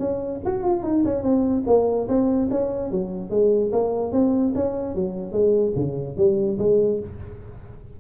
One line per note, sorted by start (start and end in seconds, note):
0.00 0.41 C#4
0.46 0.64 F#4
0.64 0.83 F4
0.83 1.04 D#4
1.06 1.23 C#4
1.23 1.64 C4
1.67 2.08 A#3
2.08 2.50 C4
2.51 2.91 C#4
2.91 3.31 F#3
3.31 3.72 G#3
3.72 4.13 A#3
4.13 4.54 C4
4.55 4.95 C#4
4.95 5.32 F#3
5.32 5.73 G#3
5.76 6.17 C#3
6.18 6.59 G3
6.59 7.00 G#3